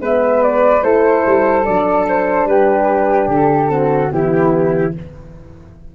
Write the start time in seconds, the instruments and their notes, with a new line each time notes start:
0.00 tuba G#3, horn B3, flute B4 E5
0.43 flute D5
0.83 tuba A3, horn E4, flute A4 C5
1.26 tuba G3
1.65 tuba F#3, horn D4, flute D5
2.09 flute C5
2.45 tuba G3, flute G4 B4
3.28 tuba D3, flute A4
3.69 horn C4, flute F#4
4.12 tuba E3, horn B3, flute E4 G4